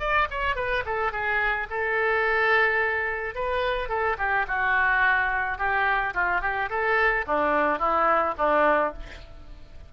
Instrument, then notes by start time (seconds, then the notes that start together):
oboe
0.00 D5
0.31 C#5
0.56 B4
0.86 A4
1.12 G#4
1.70 A4
3.35 B4
3.89 A4
4.18 G4
4.48 F#4
5.58 G4
6.14 F4
6.42 G4
6.70 A4
7.27 D4
7.79 E4
8.38 D4